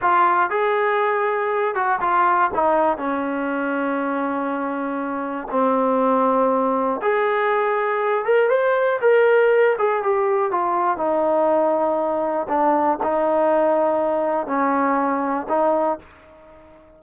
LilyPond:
\new Staff \with { instrumentName = "trombone" } { \time 4/4 \tempo 4 = 120 f'4 gis'2~ gis'8 fis'8 | f'4 dis'4 cis'2~ | cis'2. c'4~ | c'2 gis'2~ |
gis'8 ais'8 c''4 ais'4. gis'8 | g'4 f'4 dis'2~ | dis'4 d'4 dis'2~ | dis'4 cis'2 dis'4 | }